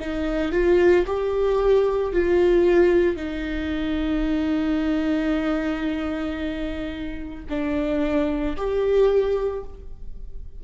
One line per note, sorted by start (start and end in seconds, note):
0.00 0.52 D#4
0.52 1.05 F4
1.06 2.12 G4
2.12 3.16 F4
3.16 7.45 D#4
7.49 8.56 D4
8.57 9.64 G4